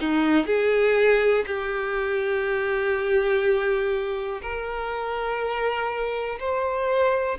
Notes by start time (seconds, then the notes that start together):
0.00 D#4
0.46 G#4
1.46 G4
4.42 A#4
6.39 C5